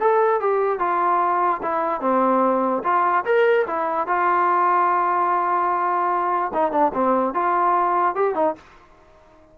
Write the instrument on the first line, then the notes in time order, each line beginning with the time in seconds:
trombone
0.00 A4
0.40 G4
0.79 F4
1.62 E4
2.01 C4
2.84 F4
3.25 A#4
3.67 E4
4.07 F4
6.54 D#4
6.71 D4
6.94 C4
7.34 F4
8.15 G4
8.35 D#4